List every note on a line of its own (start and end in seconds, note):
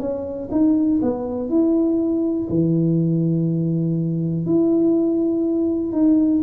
0.00 0.49 C#4
0.52 1.01 D#4
1.03 1.50 B3
1.50 2.48 E4
2.50 4.46 E3
4.46 5.92 E4
5.92 6.42 D#4